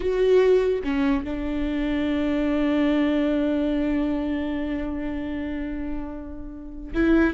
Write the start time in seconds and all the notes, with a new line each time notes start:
0.00 F#4
0.83 C#4
1.24 D4
6.93 E4